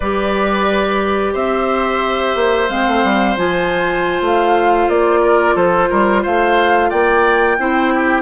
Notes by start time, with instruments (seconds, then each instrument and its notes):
0.00 bassoon G3, clarinet G4, oboe B4, flute D5
1.33 bassoon C4, oboe C5, flute E5
2.35 bassoon A#3
2.69 bassoon G#3, clarinet C4, flute F5
2.87 bassoon A3
3.03 bassoon G3
3.37 bassoon F3, clarinet F4, flute G#5
4.20 bassoon A3, flute F5
4.88 bassoon A#3, flute D5
5.21 oboe A#4
5.55 bassoon F3, oboe A4, flute C5
5.90 bassoon G3, oboe A#4
6.22 bassoon A3, oboe C5, flute F5
6.89 bassoon A#3, oboe D5, flute G5
7.58 bassoon C4, clarinet E4, oboe C5
7.95 oboe G4